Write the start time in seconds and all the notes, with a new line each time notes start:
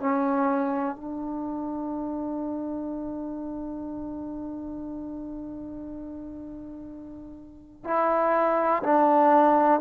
0.00 C#4
0.96 D4
7.85 E4
8.83 D4